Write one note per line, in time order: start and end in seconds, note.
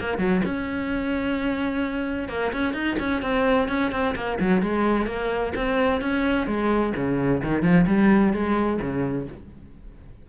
0.00 0.18 A#3
0.18 0.41 F#3
0.45 2.29 C#4
2.29 2.52 A#3
2.52 2.74 C#4
2.74 2.97 D#4
2.99 3.22 C#4
3.22 3.68 C4
3.68 3.92 C#4
3.92 4.15 C4
4.15 4.38 A#3
4.40 4.62 F#3
4.62 5.07 G#3
5.07 5.53 A#3
5.56 6.01 C4
6.01 6.47 C#4
6.47 6.93 G#3
6.96 7.42 C#3
7.43 7.63 D#3
7.63 7.86 F3
7.87 8.33 G3
8.33 8.80 G#3
8.81 9.28 C#3